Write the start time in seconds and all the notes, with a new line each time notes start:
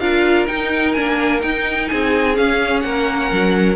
0.00 D4 F4 A#4 F5
0.48 D#4 G5
0.93 A#3 D4 G#5
1.41 D#4 G5
1.88 C4 G#4 G#5
2.35 C#4 F5
2.81 A#3 A#4 F#5
3.32 F#3